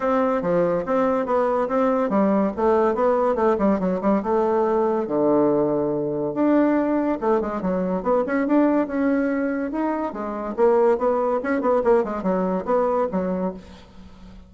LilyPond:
\new Staff \with { instrumentName = "bassoon" } { \time 4/4 \tempo 4 = 142 c'4 f4 c'4 b4 | c'4 g4 a4 b4 | a8 g8 fis8 g8 a2 | d2. d'4~ |
d'4 a8 gis8 fis4 b8 cis'8 | d'4 cis'2 dis'4 | gis4 ais4 b4 cis'8 b8 | ais8 gis8 fis4 b4 fis4 | }